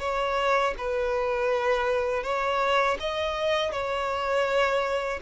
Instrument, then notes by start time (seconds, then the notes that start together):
violin
0.00 C#5
0.78 B4
2.24 C#5
3.00 D#5
3.72 C#5